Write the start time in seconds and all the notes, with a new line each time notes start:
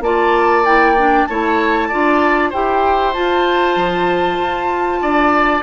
0.00 A#3 F4 D5 A5
0.64 E4 G5
0.97 D4
1.25 A3 E4 C#5 A5
1.88 D4 F4 D5
2.49 E4 G4 C5 G5
3.13 F4 A5
3.76 F3
4.39 F4
5.01 D4 D5